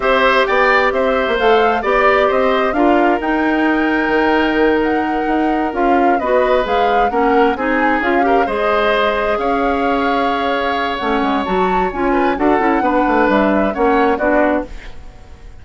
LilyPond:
<<
  \new Staff \with { instrumentName = "flute" } { \time 4/4 \tempo 4 = 131 e''4 g''4 e''4 f''4 | d''4 dis''4 f''4 g''4~ | g''2~ g''8 fis''4.~ | fis''8 f''4 dis''4 f''4 fis''8~ |
fis''8 gis''4 f''4 dis''4.~ | dis''8 f''2.~ f''8 | fis''4 a''4 gis''4 fis''4~ | fis''4 e''4 fis''4 d''4 | }
  \new Staff \with { instrumentName = "oboe" } { \time 4/4 c''4 d''4 c''2 | d''4 c''4 ais'2~ | ais'1~ | ais'4. b'2 ais'8~ |
ais'8 gis'4. ais'8 c''4.~ | c''8 cis''2.~ cis''8~ | cis''2~ cis''8 b'8 a'4 | b'2 cis''4 fis'4 | }
  \new Staff \with { instrumentName = "clarinet" } { \time 4/4 g'2. a'4 | g'2 f'4 dis'4~ | dis'1~ | dis'8 f'4 fis'4 gis'4 cis'8~ |
cis'8 dis'4 f'8 g'8 gis'4.~ | gis'1 | cis'4 fis'4 f'4 fis'8 e'8 | d'2 cis'4 d'4 | }
  \new Staff \with { instrumentName = "bassoon" } { \time 4/4 c'4 b4 c'8. ais16 a4 | b4 c'4 d'4 dis'4~ | dis'4 dis2~ dis8 dis'8~ | dis'8 cis'4 b4 gis4 ais8~ |
ais8 c'4 cis'4 gis4.~ | gis8 cis'2.~ cis'8 | a8 gis8 fis4 cis'4 d'8 cis'8 | b8 a8 g4 ais4 b4 | }
>>